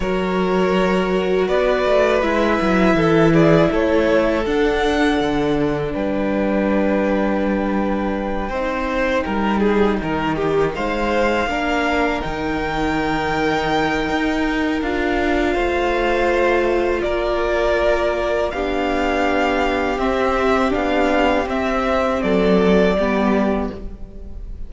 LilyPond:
<<
  \new Staff \with { instrumentName = "violin" } { \time 4/4 \tempo 4 = 81 cis''2 d''4 e''4~ | e''8 d''8 cis''4 fis''2 | g''1~ | g''2~ g''8 f''4.~ |
f''8 g''2.~ g''8 | f''2. d''4~ | d''4 f''2 e''4 | f''4 e''4 d''2 | }
  \new Staff \with { instrumentName = "violin" } { \time 4/4 ais'2 b'2 | a'8 gis'8 a'2. | b'2.~ b'8 c''8~ | c''8 ais'8 gis'8 ais'8 g'8 c''4 ais'8~ |
ais'1~ | ais'4 c''2 ais'4~ | ais'4 g'2.~ | g'2 a'4 g'4 | }
  \new Staff \with { instrumentName = "viola" } { \time 4/4 fis'2. e'4~ | e'2 d'2~ | d'2.~ d'8 dis'8~ | dis'2.~ dis'8 d'8~ |
d'8 dis'2.~ dis'8 | f'1~ | f'4 d'2 c'4 | d'4 c'2 b4 | }
  \new Staff \with { instrumentName = "cello" } { \time 4/4 fis2 b8 a8 gis8 fis8 | e4 a4 d'4 d4 | g2.~ g8 c'8~ | c'8 g4 dis4 gis4 ais8~ |
ais8 dis2~ dis8 dis'4 | d'4 a2 ais4~ | ais4 b2 c'4 | b4 c'4 fis4 g4 | }
>>